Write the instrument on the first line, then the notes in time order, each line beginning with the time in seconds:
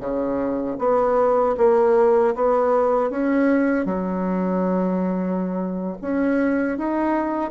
bassoon
0.00 C#3
0.79 B3
1.58 A#3
2.35 B3
3.10 C#4
3.86 F#3
6.02 C#4
6.78 D#4